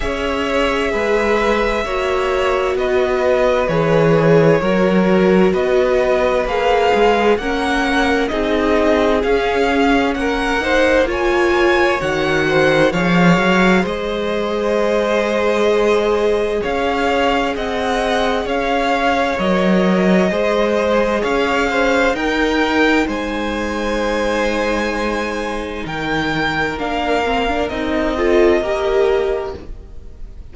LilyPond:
<<
  \new Staff \with { instrumentName = "violin" } { \time 4/4 \tempo 4 = 65 e''2. dis''4 | cis''2 dis''4 f''4 | fis''4 dis''4 f''4 fis''4 | gis''4 fis''4 f''4 dis''4~ |
dis''2 f''4 fis''4 | f''4 dis''2 f''4 | g''4 gis''2. | g''4 f''4 dis''2 | }
  \new Staff \with { instrumentName = "violin" } { \time 4/4 cis''4 b'4 cis''4 b'4~ | b'4 ais'4 b'2 | ais'4 gis'2 ais'8 c''8 | cis''4. c''8 cis''4 c''4~ |
c''2 cis''4 dis''4 | cis''2 c''4 cis''8 c''8 | ais'4 c''2. | ais'2~ ais'8 a'8 ais'4 | }
  \new Staff \with { instrumentName = "viola" } { \time 4/4 gis'2 fis'2 | gis'4 fis'2 gis'4 | cis'4 dis'4 cis'4. dis'8 | f'4 fis'4 gis'2~ |
gis'1~ | gis'4 ais'4 gis'2 | dis'1~ | dis'4 d'8 c'16 d'16 dis'8 f'8 g'4 | }
  \new Staff \with { instrumentName = "cello" } { \time 4/4 cis'4 gis4 ais4 b4 | e4 fis4 b4 ais8 gis8 | ais4 c'4 cis'4 ais4~ | ais4 dis4 f8 fis8 gis4~ |
gis2 cis'4 c'4 | cis'4 fis4 gis4 cis'4 | dis'4 gis2. | dis4 ais4 c'4 ais4 | }
>>